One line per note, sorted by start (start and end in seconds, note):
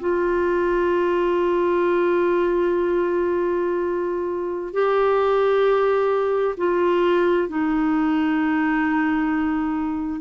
0.00 4.73 F4
4.73 6.55 G4
6.57 7.48 F4
7.48 10.21 D#4